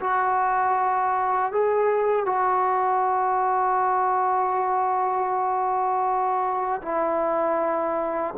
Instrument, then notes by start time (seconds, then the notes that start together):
trombone
0.00 F#4
1.52 G#4
2.25 F#4
6.82 E4